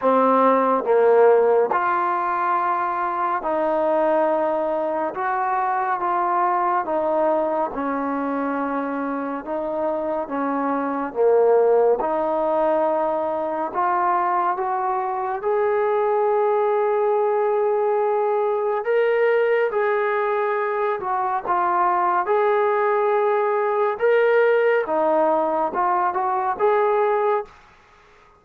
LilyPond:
\new Staff \with { instrumentName = "trombone" } { \time 4/4 \tempo 4 = 70 c'4 ais4 f'2 | dis'2 fis'4 f'4 | dis'4 cis'2 dis'4 | cis'4 ais4 dis'2 |
f'4 fis'4 gis'2~ | gis'2 ais'4 gis'4~ | gis'8 fis'8 f'4 gis'2 | ais'4 dis'4 f'8 fis'8 gis'4 | }